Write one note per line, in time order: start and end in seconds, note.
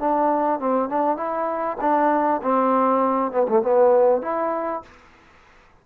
0.00 0.60 D4
0.60 0.89 C4
0.89 1.17 D4
1.17 1.78 E4
1.81 2.42 D4
2.42 3.32 C4
3.32 3.47 B3
3.48 3.63 A3
3.63 4.22 B3
4.22 4.83 E4